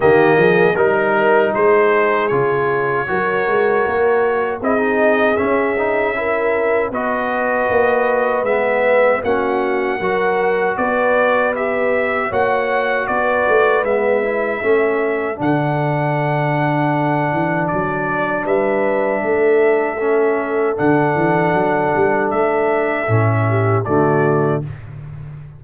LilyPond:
<<
  \new Staff \with { instrumentName = "trumpet" } { \time 4/4 \tempo 4 = 78 dis''4 ais'4 c''4 cis''4~ | cis''2 dis''4 e''4~ | e''4 dis''2 e''4 | fis''2 d''4 e''4 |
fis''4 d''4 e''2 | fis''2. d''4 | e''2. fis''4~ | fis''4 e''2 d''4 | }
  \new Staff \with { instrumentName = "horn" } { \time 4/4 g'8 gis'8 ais'4 gis'2 | ais'2 gis'2 | ais'4 b'2. | fis'4 ais'4 b'2 |
cis''4 b'2 a'4~ | a'1 | b'4 a'2.~ | a'2~ a'8 g'8 fis'4 | }
  \new Staff \with { instrumentName = "trombone" } { \time 4/4 ais4 dis'2 f'4 | fis'2 e'16 dis'8. cis'8 dis'8 | e'4 fis'2 b4 | cis'4 fis'2 g'4 |
fis'2 b8 e'8 cis'4 | d'1~ | d'2 cis'4 d'4~ | d'2 cis'4 a4 | }
  \new Staff \with { instrumentName = "tuba" } { \time 4/4 dis8 f8 g4 gis4 cis4 | fis8 gis8 ais4 c'4 cis'4~ | cis'4 b4 ais4 gis4 | ais4 fis4 b2 |
ais4 b8 a8 gis4 a4 | d2~ d8 e8 fis4 | g4 a2 d8 e8 | fis8 g8 a4 a,4 d4 | }
>>